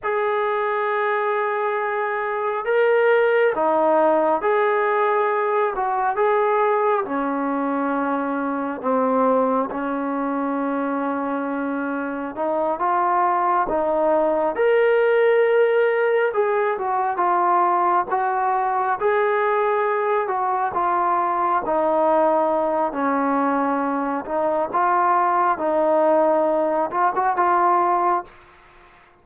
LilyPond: \new Staff \with { instrumentName = "trombone" } { \time 4/4 \tempo 4 = 68 gis'2. ais'4 | dis'4 gis'4. fis'8 gis'4 | cis'2 c'4 cis'4~ | cis'2 dis'8 f'4 dis'8~ |
dis'8 ais'2 gis'8 fis'8 f'8~ | f'8 fis'4 gis'4. fis'8 f'8~ | f'8 dis'4. cis'4. dis'8 | f'4 dis'4. f'16 fis'16 f'4 | }